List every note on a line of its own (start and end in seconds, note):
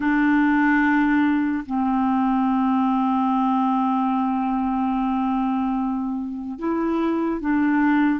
0.00 1.64 D4
1.66 6.59 C4
6.59 7.40 E4
7.40 8.20 D4